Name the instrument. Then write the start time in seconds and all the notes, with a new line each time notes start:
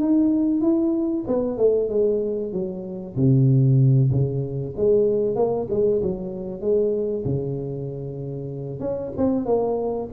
tuba
0.00 D#4
0.61 E4
1.27 B3
1.58 A3
1.89 G#3
2.52 F#3
3.16 C3
4.11 C#3
4.77 G#3
5.36 A#3
5.70 G#3
6.02 F#3
6.61 G#3
7.25 C#3
8.80 C#4
9.18 C4
9.46 A#3